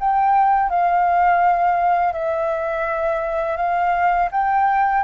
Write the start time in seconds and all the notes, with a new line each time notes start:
0.00 G5
0.70 F5
2.13 E5
3.57 F5
4.32 G5